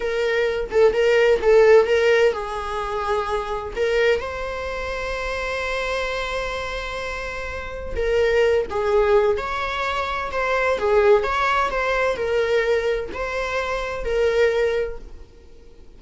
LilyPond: \new Staff \with { instrumentName = "viola" } { \time 4/4 \tempo 4 = 128 ais'4. a'8 ais'4 a'4 | ais'4 gis'2. | ais'4 c''2.~ | c''1~ |
c''4 ais'4. gis'4. | cis''2 c''4 gis'4 | cis''4 c''4 ais'2 | c''2 ais'2 | }